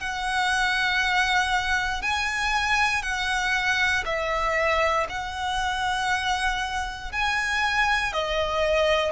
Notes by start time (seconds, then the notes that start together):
0.00 F#5
2.02 G#5
3.02 F#5
4.05 E5
5.09 F#5
7.12 G#5
8.13 D#5